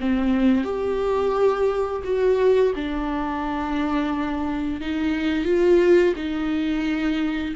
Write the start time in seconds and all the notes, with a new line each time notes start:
0.00 C4
0.64 G4
2.04 F#4
2.75 D4
4.81 D#4
5.45 F4
6.16 D#4